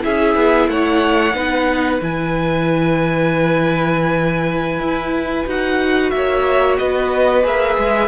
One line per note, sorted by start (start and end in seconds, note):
0.00 0.35 C#4
0.00 1.32 E4
0.00 0.70 G#4
0.00 0.69 E5
0.35 0.68 B3
0.68 1.33 A3
0.68 1.36 C#5
0.68 2.01 F#5
1.33 1.99 B3
1.33 2.00 D#4
1.33 6.14 B4
2.01 4.79 E3
2.01 5.47 E4
2.01 5.49 G#5
4.79 5.45 E4
5.46 6.12 D#4
5.46 7.43 F#4
5.46 6.10 F#5
6.10 6.79 A#3
6.10 6.80 C#5
6.10 6.76 E5
6.78 7.44 B3
6.78 8.08 B4
6.78 7.44 D#5
7.43 7.77 A#3
7.43 8.08 G#4
7.43 8.08 E5
7.78 8.08 G#3